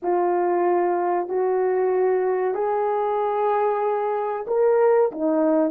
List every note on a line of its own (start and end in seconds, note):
0.02 1.28 F4
1.28 2.54 F#4
2.54 4.45 G#4
4.47 5.11 A#4
5.11 5.71 D#4